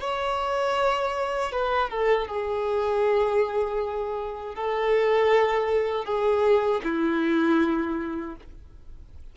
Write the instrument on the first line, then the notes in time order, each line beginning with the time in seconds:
violin
0.00 C#5
1.52 B4
1.90 A4
2.27 G#4
4.55 A4
6.05 G#4
6.84 E4